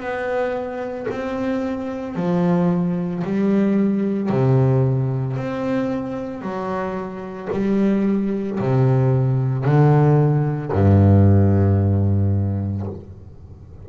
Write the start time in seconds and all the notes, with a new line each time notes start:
0.00 B3
1.11 C4
2.16 F3
3.24 G3
4.30 C3
5.37 C4
6.42 F#3
7.52 G3
8.60 C3
9.65 D3
10.72 G2